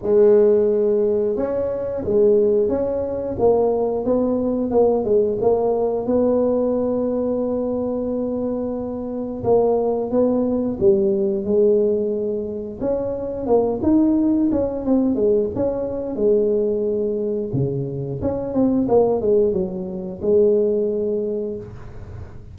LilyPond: \new Staff \with { instrumentName = "tuba" } { \time 4/4 \tempo 4 = 89 gis2 cis'4 gis4 | cis'4 ais4 b4 ais8 gis8 | ais4 b2.~ | b2 ais4 b4 |
g4 gis2 cis'4 | ais8 dis'4 cis'8 c'8 gis8 cis'4 | gis2 cis4 cis'8 c'8 | ais8 gis8 fis4 gis2 | }